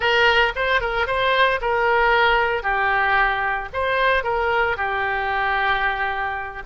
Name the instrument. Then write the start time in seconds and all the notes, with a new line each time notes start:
oboe
0.00 A#4
0.55 C5
0.81 A#4
1.06 C5
1.61 A#4
2.62 G4
3.73 C5
4.23 A#4
4.76 G4